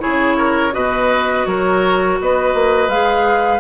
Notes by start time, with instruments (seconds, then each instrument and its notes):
0.00 clarinet E4, oboe G#4, flute C#5
0.06 bassoon C#3
0.38 oboe A#4
0.73 bassoon B2, clarinet F#4, oboe B4, flute D#5
1.46 bassoon F#3, oboe A#4, flute C#5
2.21 bassoon B3, oboe B4, flute D#5
2.55 bassoon A#3
2.88 bassoon G#3, clarinet G#4, flute F5